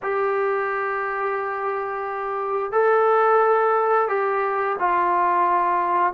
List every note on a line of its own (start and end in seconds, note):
0.02 2.71 G4
2.71 4.08 A4
4.08 4.76 G4
4.79 6.13 F4